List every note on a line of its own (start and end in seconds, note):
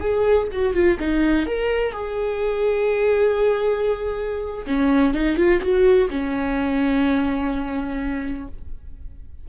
0.00 0.48 G#4
0.52 0.73 F#4
0.73 0.97 F4
0.99 1.46 D#4
1.46 1.92 A#4
1.92 4.66 G#4
4.66 5.14 C#4
5.14 5.37 D#4
5.37 5.60 F4
5.61 6.09 F#4
6.10 8.48 C#4